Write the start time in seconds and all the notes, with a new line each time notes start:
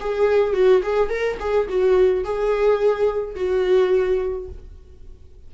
0.00 G#4
0.53 F#4
0.83 G#4
1.09 A#4
1.40 G#4
1.69 F#4
2.24 G#4
3.35 F#4